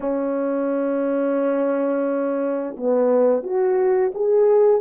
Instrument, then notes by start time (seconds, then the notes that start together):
horn
0.00 C#4
2.76 B3
3.43 F#4
4.14 G#4